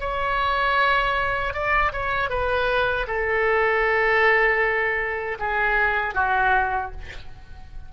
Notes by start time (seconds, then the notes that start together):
0.00 C#5
1.53 D5
1.92 C#5
2.29 B4
3.07 A4
5.39 G#4
6.15 F#4